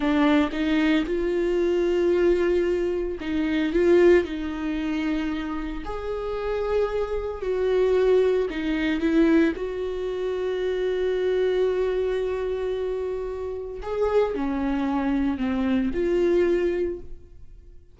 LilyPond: \new Staff \with { instrumentName = "viola" } { \time 4/4 \tempo 4 = 113 d'4 dis'4 f'2~ | f'2 dis'4 f'4 | dis'2. gis'4~ | gis'2 fis'2 |
dis'4 e'4 fis'2~ | fis'1~ | fis'2 gis'4 cis'4~ | cis'4 c'4 f'2 | }